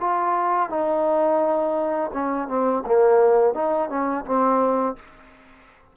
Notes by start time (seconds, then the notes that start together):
0.00 F4
0.70 D#4
2.13 C#4
2.48 C4
2.86 A#3
3.54 D#4
3.90 C#4
4.25 C4